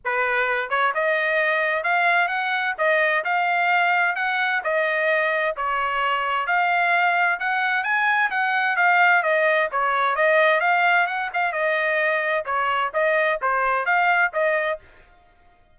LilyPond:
\new Staff \with { instrumentName = "trumpet" } { \time 4/4 \tempo 4 = 130 b'4. cis''8 dis''2 | f''4 fis''4 dis''4 f''4~ | f''4 fis''4 dis''2 | cis''2 f''2 |
fis''4 gis''4 fis''4 f''4 | dis''4 cis''4 dis''4 f''4 | fis''8 f''8 dis''2 cis''4 | dis''4 c''4 f''4 dis''4 | }